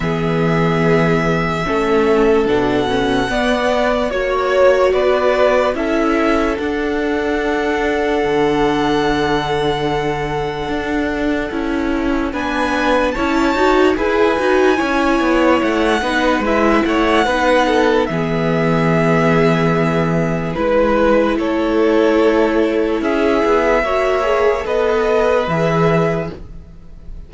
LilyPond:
<<
  \new Staff \with { instrumentName = "violin" } { \time 4/4 \tempo 4 = 73 e''2. fis''4~ | fis''4 cis''4 d''4 e''4 | fis''1~ | fis''2. gis''4 |
a''4 gis''2 fis''4 | e''8 fis''4. e''2~ | e''4 b'4 cis''2 | e''2 dis''4 e''4 | }
  \new Staff \with { instrumentName = "violin" } { \time 4/4 gis'2 a'2 | d''4 cis''4 b'4 a'4~ | a'1~ | a'2. b'4 |
cis''4 b'4 cis''4. b'8~ | b'8 cis''8 b'8 a'8 gis'2~ | gis'4 b'4 a'2 | gis'4 cis''4 b'2 | }
  \new Staff \with { instrumentName = "viola" } { \time 4/4 b2 cis'4 d'8 cis'8 | b4 fis'2 e'4 | d'1~ | d'2 e'4 d'4 |
e'8 fis'8 gis'8 fis'8 e'4. dis'8 | e'4 dis'4 b2~ | b4 e'2.~ | e'4 fis'8 gis'8 a'4 gis'4 | }
  \new Staff \with { instrumentName = "cello" } { \time 4/4 e2 a4 b,4 | b4 ais4 b4 cis'4 | d'2 d2~ | d4 d'4 cis'4 b4 |
cis'8 dis'8 e'8 dis'8 cis'8 b8 a8 b8 | gis8 a8 b4 e2~ | e4 gis4 a2 | cis'8 b8 ais4 b4 e4 | }
>>